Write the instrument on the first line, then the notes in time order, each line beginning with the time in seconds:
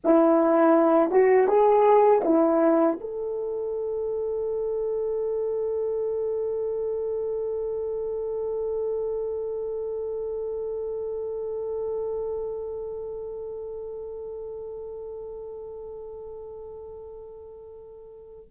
horn
0.04 E4
1.11 F#4
1.47 G#4
2.24 E4
3.00 A4